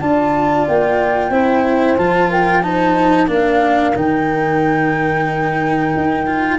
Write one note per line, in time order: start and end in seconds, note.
0.00 0.66 D4
0.00 1.31 F4
0.00 1.30 D5
0.00 0.66 A5
0.67 1.30 A#3
0.67 1.97 G5
1.30 1.95 C4
1.30 1.97 E4
1.30 2.29 C5
1.97 3.27 F3
1.97 2.63 F4
1.97 2.30 A5
2.29 2.62 A#4
2.29 2.62 G5
2.62 3.27 D#4
2.62 3.30 C5
2.62 3.28 A5
3.27 3.93 A#3
3.27 3.93 D4
3.27 6.59 A#4
3.27 3.96 F5
3.95 5.93 D#3
3.95 6.26 D#4
3.95 6.59 G5
5.96 6.59 D#4
6.26 6.59 F4